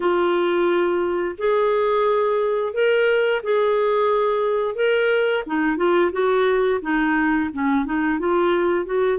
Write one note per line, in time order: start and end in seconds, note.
0.00 1.35 F4
1.38 2.73 G#4
2.73 3.41 A#4
3.43 4.75 G#4
4.75 5.43 A#4
5.46 5.76 D#4
5.76 6.11 F4
6.12 6.80 F#4
6.82 7.50 D#4
7.53 7.85 C#4
7.85 8.18 D#4
8.18 8.85 F4
8.85 9.18 F#4